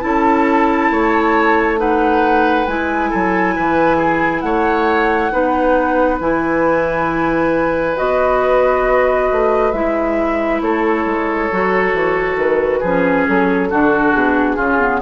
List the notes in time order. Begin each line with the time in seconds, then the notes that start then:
0.00 C#4 E4 A4 A5
0.90 A3 C#5
1.77 D#4 B4 F#5
2.67 G#3 E4 G#5
3.10 F#3 A4
3.56 E3 B4
3.97 G#4
4.40 A3 C#5 F#5
5.32 B3 D#4 B4
6.20 E3 E4 G#5
7.97 B3 F#4 D#5
9.31 A3
9.72 G#3 E4 E5
10.61 A3 A4 C#5
11.05 G#3
11.52 F#3 F#4
11.93 E3
12.37 D#3 B4
12.80 F3 C#4 G#4
13.28 F#3 A4
13.70 D3 D4 F#4
14.12 B2 G#4
14.56 C#3 C#4 F4
14.80 B3